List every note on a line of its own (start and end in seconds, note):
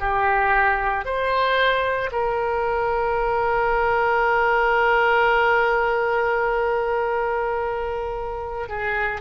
0.00 1.05 G4
1.05 2.10 C5
2.11 8.68 A#4
8.68 9.21 G#4